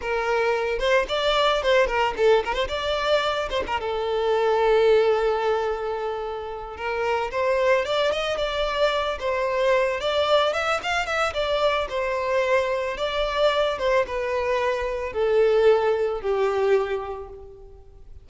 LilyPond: \new Staff \with { instrumentName = "violin" } { \time 4/4 \tempo 4 = 111 ais'4. c''8 d''4 c''8 ais'8 | a'8 ais'16 c''16 d''4. c''16 ais'16 a'4~ | a'1~ | a'8 ais'4 c''4 d''8 dis''8 d''8~ |
d''4 c''4. d''4 e''8 | f''8 e''8 d''4 c''2 | d''4. c''8 b'2 | a'2 g'2 | }